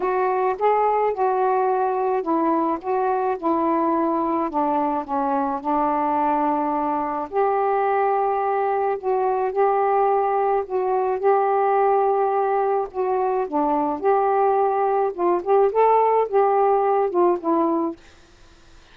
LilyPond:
\new Staff \with { instrumentName = "saxophone" } { \time 4/4 \tempo 4 = 107 fis'4 gis'4 fis'2 | e'4 fis'4 e'2 | d'4 cis'4 d'2~ | d'4 g'2. |
fis'4 g'2 fis'4 | g'2. fis'4 | d'4 g'2 f'8 g'8 | a'4 g'4. f'8 e'4 | }